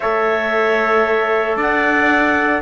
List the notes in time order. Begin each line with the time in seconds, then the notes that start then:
0.00 A3 A4 C#5 E5
1.56 D4 D5 F#5